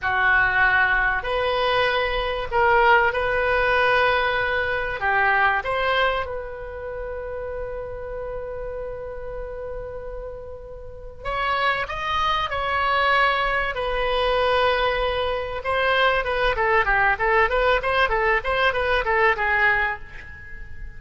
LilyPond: \new Staff \with { instrumentName = "oboe" } { \time 4/4 \tempo 4 = 96 fis'2 b'2 | ais'4 b'2. | g'4 c''4 b'2~ | b'1~ |
b'2 cis''4 dis''4 | cis''2 b'2~ | b'4 c''4 b'8 a'8 g'8 a'8 | b'8 c''8 a'8 c''8 b'8 a'8 gis'4 | }